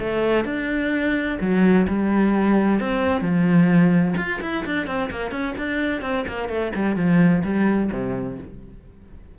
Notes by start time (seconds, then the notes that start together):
0.00 A3
0.45 D4
1.41 F#3
1.88 G3
2.81 C4
3.22 F3
4.17 F4
4.42 E4
4.66 D4
4.87 C4
5.11 A#3
5.31 C#4
5.58 D4
6.02 C4
6.28 A#3
6.49 A3
6.75 G3
6.97 F3
7.44 G3
7.92 C3